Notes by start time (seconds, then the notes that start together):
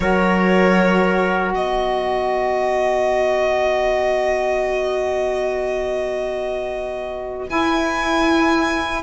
0.00 F#3 F#4 A#4 C#5
1.53 B3 B4 D#5
7.48 E4 G#5